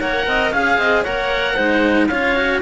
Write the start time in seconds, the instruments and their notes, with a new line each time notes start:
0.00 cello A#3 A#4, clarinet C#5, oboe F#5
0.27 cello C4, clarinet D#5
0.52 cello C#4 G#4, oboe F5, clarinet F5
0.78 cello C4, clarinet D#5
1.03 cello A#3 A#4, clarinet C#5, oboe F#5
1.54 cello G#3 D#4, clarinet C5
2.08 cello C#4 F4, clarinet C#5, oboe F5
2.36 cello F#4